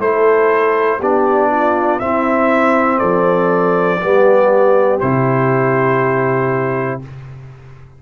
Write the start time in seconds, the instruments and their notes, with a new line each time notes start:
0.00 tuba A3, trombone E4, horn A4, trumpet C5
1.00 tuba B3, trombone D4, horn G4, trumpet D5
1.51 horn F4
2.00 tuba C4, trombone C4, horn E4, trumpet E5
2.99 tuba F3, horn A4, trumpet D5
4.00 tuba G3, trombone B3, horn G4
5.01 tuba C3, trombone E4, trumpet C5